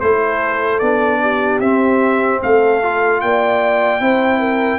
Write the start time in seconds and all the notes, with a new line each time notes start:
0.00 A3 E4 A4 C5
0.79 B3 D4 D5
1.21 G4
1.60 C4 E5
2.41 A3 A4 F5
2.82 F4
3.20 A#3 D5 G5
4.00 C4 E4 C5
4.39 A#4